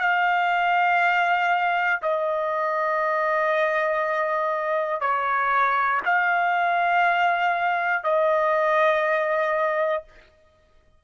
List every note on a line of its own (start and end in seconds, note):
0.00 2.00 F5
2.02 5.01 D#5
5.01 6.01 C#5
6.05 8.04 F5
8.04 10.04 D#5